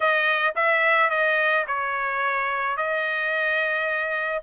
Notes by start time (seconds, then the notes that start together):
0.00 D#5
0.55 E5
1.10 D#5
1.67 C#5
2.76 D#5